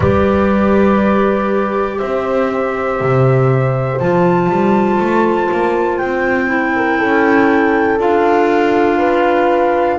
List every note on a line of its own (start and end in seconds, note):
0.00 2.00 G3
0.00 4.00 G4
0.00 1.98 B4
0.00 1.98 D5
1.98 3.00 C4
1.98 6.73 C5
1.98 3.98 E5
3.00 4.00 C3
3.99 4.49 F3
3.99 6.47 F4
3.99 5.98 A5
4.49 4.99 G3
4.99 5.49 A3
5.51 6.01 A#3
5.98 7.00 C4
5.98 7.98 G5
6.47 7.97 E4
6.75 6.98 A#4
6.98 7.98 C#4
6.98 8.98 A4
7.98 9.98 D4
7.98 9.98 F4
7.98 9.99 F5
8.98 9.98 B4